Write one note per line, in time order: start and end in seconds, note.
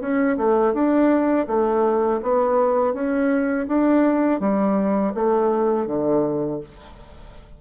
0.00 0.37 C#4
0.37 0.73 A3
0.73 1.46 D4
1.47 2.20 A3
2.22 2.93 B3
2.93 3.67 C#4
3.68 4.40 D4
4.40 5.13 G3
5.14 5.87 A3
5.87 6.60 D3